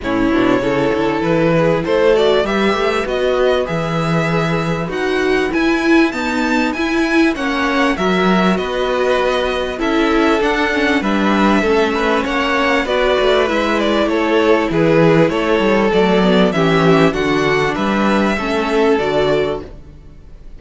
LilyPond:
<<
  \new Staff \with { instrumentName = "violin" } { \time 4/4 \tempo 4 = 98 cis''2 b'4 c''8 d''8 | e''4 dis''4 e''2 | fis''4 gis''4 a''4 gis''4 | fis''4 e''4 dis''2 |
e''4 fis''4 e''2 | fis''4 d''4 e''8 d''8 cis''4 | b'4 cis''4 d''4 e''4 | fis''4 e''2 d''4 | }
  \new Staff \with { instrumentName = "violin" } { \time 4/4 e'4 a'4. gis'8 a'4 | b'1~ | b'1 | cis''4 ais'4 b'2 |
a'2 b'4 a'8 b'8 | cis''4 b'2 a'4 | gis'4 a'2 g'4 | fis'4 b'4 a'2 | }
  \new Staff \with { instrumentName = "viola" } { \time 4/4 cis'8 d'8 e'2~ e'8 fis'8 | g'4 fis'4 gis'2 | fis'4 e'4 b4 e'4 | cis'4 fis'2. |
e'4 d'8 cis'8 d'4 cis'4~ | cis'4 fis'4 e'2~ | e'2 a8 b8 cis'4 | d'2 cis'4 fis'4 | }
  \new Staff \with { instrumentName = "cello" } { \time 4/4 a,8 b,8 cis8 d8 e4 a4 | g8 a8 b4 e2 | dis'4 e'4 dis'4 e'4 | ais4 fis4 b2 |
cis'4 d'4 g4 a4 | ais4 b8 a8 gis4 a4 | e4 a8 g8 fis4 e4 | d4 g4 a4 d4 | }
>>